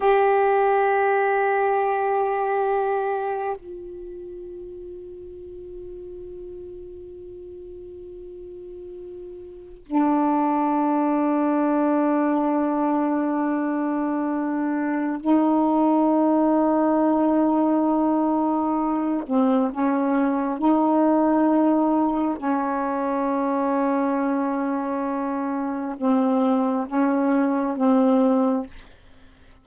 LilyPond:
\new Staff \with { instrumentName = "saxophone" } { \time 4/4 \tempo 4 = 67 g'1 | f'1~ | f'2. d'4~ | d'1~ |
d'4 dis'2.~ | dis'4. c'8 cis'4 dis'4~ | dis'4 cis'2.~ | cis'4 c'4 cis'4 c'4 | }